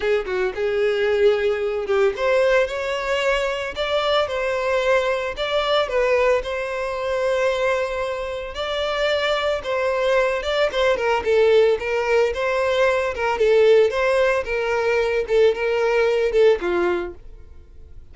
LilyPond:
\new Staff \with { instrumentName = "violin" } { \time 4/4 \tempo 4 = 112 gis'8 fis'8 gis'2~ gis'8 g'8 | c''4 cis''2 d''4 | c''2 d''4 b'4 | c''1 |
d''2 c''4. d''8 | c''8 ais'8 a'4 ais'4 c''4~ | c''8 ais'8 a'4 c''4 ais'4~ | ais'8 a'8 ais'4. a'8 f'4 | }